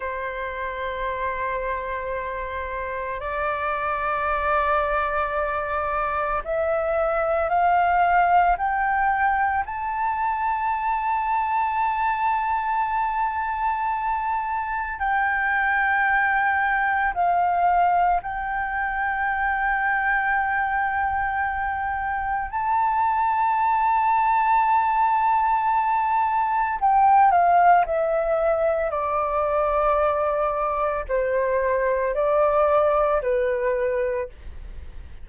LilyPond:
\new Staff \with { instrumentName = "flute" } { \time 4/4 \tempo 4 = 56 c''2. d''4~ | d''2 e''4 f''4 | g''4 a''2.~ | a''2 g''2 |
f''4 g''2.~ | g''4 a''2.~ | a''4 g''8 f''8 e''4 d''4~ | d''4 c''4 d''4 b'4 | }